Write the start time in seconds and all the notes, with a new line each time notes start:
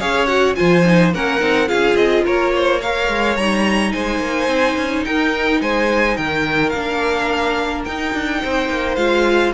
0.00 C#4 G#4 C#5 F5
0.26 F#4 F#5
0.55 F3 F4 C5 G#5
0.85 D#4
1.14 A#3 C#4 A#4 F#5
1.40 C4 D#4
1.67 C#4 F4 G#4 F5
1.95 C4 D#5
2.25 A#3 A#4 C#5
2.56 C5
2.80 A#4 C#5 F5
3.09 G#3
3.37 G3 D#4 A#5
3.92 G#3 C5 G#5
4.20 A#3
4.47 C4
4.77 C#4
5.05 D#4 A#4 G5
5.61 G#3 C5 G#5
6.17 D#3 A#4 G5
6.70 A#3 D4 F5
7.85 D#4 G5
8.14 D4
8.42 C4 C5
8.69 A#3
8.96 G#3 F4 F5